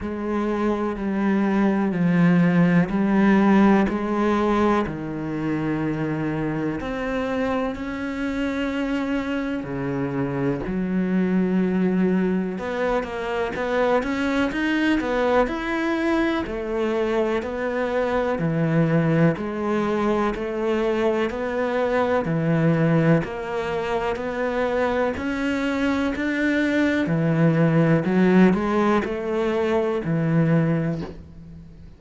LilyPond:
\new Staff \with { instrumentName = "cello" } { \time 4/4 \tempo 4 = 62 gis4 g4 f4 g4 | gis4 dis2 c'4 | cis'2 cis4 fis4~ | fis4 b8 ais8 b8 cis'8 dis'8 b8 |
e'4 a4 b4 e4 | gis4 a4 b4 e4 | ais4 b4 cis'4 d'4 | e4 fis8 gis8 a4 e4 | }